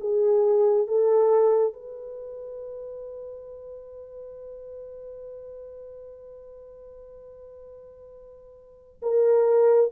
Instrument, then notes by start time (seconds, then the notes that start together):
horn
0.00 G#4
0.87 A4
1.73 B4
9.02 A#4